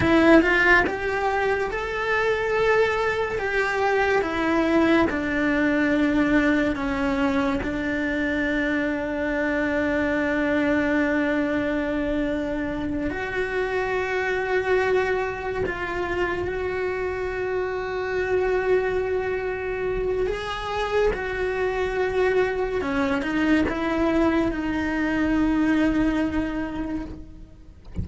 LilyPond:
\new Staff \with { instrumentName = "cello" } { \time 4/4 \tempo 4 = 71 e'8 f'8 g'4 a'2 | g'4 e'4 d'2 | cis'4 d'2.~ | d'2.~ d'8 fis'8~ |
fis'2~ fis'8 f'4 fis'8~ | fis'1 | gis'4 fis'2 cis'8 dis'8 | e'4 dis'2. | }